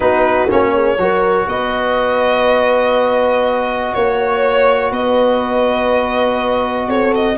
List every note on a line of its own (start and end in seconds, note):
0.00 0.50 B3
0.00 0.48 D#4
0.00 0.73 F#4
0.00 0.48 B4
0.48 0.97 A#3
0.48 0.98 C#4
0.48 1.49 C#5
0.74 0.98 G#4
0.97 1.47 F#3
0.97 7.37 F#4
0.97 1.48 A#4
1.47 3.93 B3
1.47 3.93 B4
1.47 3.94 D#5
3.93 4.91 A#3
3.93 4.90 C#5
3.93 4.92 C#5
4.90 6.88 B3
4.90 6.86 B4
4.90 6.89 D#5
6.88 7.37 C4
6.88 7.37 A4
6.88 7.14 C#5
7.15 7.37 D#5